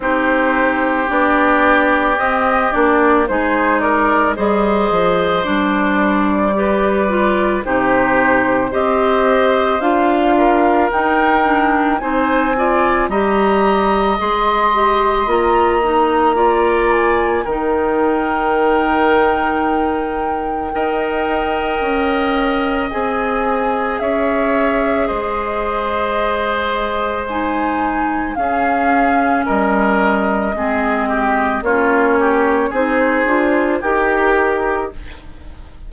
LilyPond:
<<
  \new Staff \with { instrumentName = "flute" } { \time 4/4 \tempo 4 = 55 c''4 d''4 dis''8 d''8 c''8 d''8 | dis''4 d''2 c''4 | dis''4 f''4 g''4 gis''4 | ais''4 c'''4 ais''4. gis''8 |
g''1~ | g''4 gis''4 e''4 dis''4~ | dis''4 gis''4 f''4 dis''4~ | dis''4 cis''4 c''4 ais'4 | }
  \new Staff \with { instrumentName = "oboe" } { \time 4/4 g'2. gis'8 ais'8 | c''2 b'4 g'4 | c''4. ais'4. c''8 d''8 | dis''2. d''4 |
ais'2. dis''4~ | dis''2 cis''4 c''4~ | c''2 gis'4 ais'4 | gis'8 g'8 f'8 g'8 gis'4 g'4 | }
  \new Staff \with { instrumentName = "clarinet" } { \time 4/4 dis'4 d'4 c'8 d'8 dis'4 | gis'4 d'4 g'8 f'8 dis'4 | g'4 f'4 dis'8 d'8 dis'8 f'8 | g'4 gis'8 g'8 f'8 dis'8 f'4 |
dis'2. ais'4~ | ais'4 gis'2.~ | gis'4 dis'4 cis'2 | c'4 cis'4 dis'8 f'8 g'4 | }
  \new Staff \with { instrumentName = "bassoon" } { \time 4/4 c'4 b4 c'8 ais8 gis4 | g8 f8 g2 c4 | c'4 d'4 dis'4 c'4 | g4 gis4 ais2 |
dis2. dis'4 | cis'4 c'4 cis'4 gis4~ | gis2 cis'4 g4 | gis4 ais4 c'8 d'8 dis'4 | }
>>